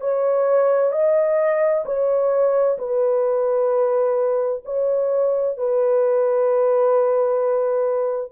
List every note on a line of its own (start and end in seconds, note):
0.00 0.91 C#5
0.91 1.84 D#5
1.85 2.77 C#5
2.78 4.62 B4
4.64 5.57 C#5
5.57 8.32 B4